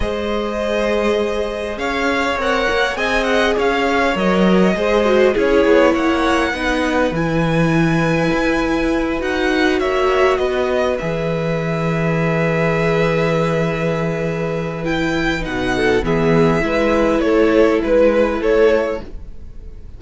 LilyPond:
<<
  \new Staff \with { instrumentName = "violin" } { \time 4/4 \tempo 4 = 101 dis''2. f''4 | fis''4 gis''8 fis''8 f''4 dis''4~ | dis''4 cis''4 fis''2 | gis''2.~ gis''8 fis''8~ |
fis''8 e''4 dis''4 e''4.~ | e''1~ | e''4 g''4 fis''4 e''4~ | e''4 cis''4 b'4 cis''4 | }
  \new Staff \with { instrumentName = "violin" } { \time 4/4 c''2. cis''4~ | cis''4 dis''4 cis''2 | c''4 gis'4 cis''4 b'4~ | b'1~ |
b'8 cis''4 b'2~ b'8~ | b'1~ | b'2~ b'8 a'8 gis'4 | b'4 a'4 b'4 a'4 | }
  \new Staff \with { instrumentName = "viola" } { \time 4/4 gis'1 | ais'4 gis'2 ais'4 | gis'8 fis'8 e'2 dis'4 | e'2.~ e'8 fis'8~ |
fis'2~ fis'8 gis'4.~ | gis'1~ | gis'4 e'4 dis'4 b4 | e'1 | }
  \new Staff \with { instrumentName = "cello" } { \time 4/4 gis2. cis'4 | c'8 ais8 c'4 cis'4 fis4 | gis4 cis'8 b8 ais4 b4 | e2 e'4. dis'8~ |
dis'8 ais4 b4 e4.~ | e1~ | e2 b,4 e4 | gis4 a4 gis4 a4 | }
>>